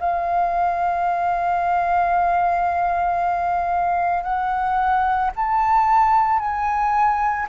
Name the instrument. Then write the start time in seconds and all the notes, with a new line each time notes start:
flute
0.00 F5
4.24 F#5
5.36 A5
6.39 G#5